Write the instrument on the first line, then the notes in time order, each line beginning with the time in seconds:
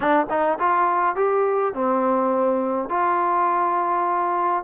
trombone
0.00 D4
0.29 D#4
0.59 F4
1.15 G4
1.73 C4
2.89 F4